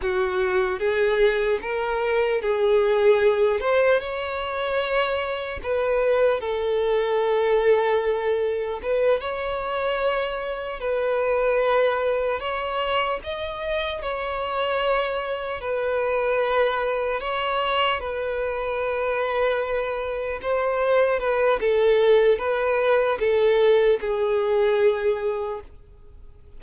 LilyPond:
\new Staff \with { instrumentName = "violin" } { \time 4/4 \tempo 4 = 75 fis'4 gis'4 ais'4 gis'4~ | gis'8 c''8 cis''2 b'4 | a'2. b'8 cis''8~ | cis''4. b'2 cis''8~ |
cis''8 dis''4 cis''2 b'8~ | b'4. cis''4 b'4.~ | b'4. c''4 b'8 a'4 | b'4 a'4 gis'2 | }